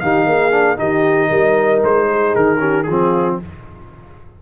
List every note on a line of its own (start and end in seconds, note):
0.00 0.26 D#3
0.00 0.51 D#4
0.00 0.26 G4
0.00 0.78 F5
0.26 0.78 A#3
0.26 0.77 G#4
0.51 0.76 D4
0.76 1.30 D#3
0.76 2.57 D#4
0.76 1.29 G4
0.76 1.82 D#5
1.29 1.82 G3
1.29 2.07 A#4
1.83 2.35 G#3
1.83 2.35 C5
2.10 2.59 G#4
2.35 2.88 D#3
2.35 2.83 A#4
2.59 2.85 C#4
2.59 2.85 G4
2.83 3.39 F3
2.83 3.40 F4
2.83 3.35 G#4
2.90 3.42 C4